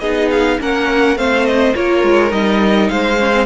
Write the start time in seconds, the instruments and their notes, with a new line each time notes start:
0.00 cello B3, viola D#4, violin G#4 D#5
0.31 violin F5
0.60 cello A#3, viola C#4, violin A#4 F#5
1.16 cello A3, viola C4, violin C5 F5
1.46 violin D#5
1.75 cello A#3, viola F4, violin A#4 C#5
2.03 cello G#3
2.29 cello G3, viola D#4, violin D#5
2.89 cello G#3, violin C5 F5
3.19 viola C#4
3.32 viola C4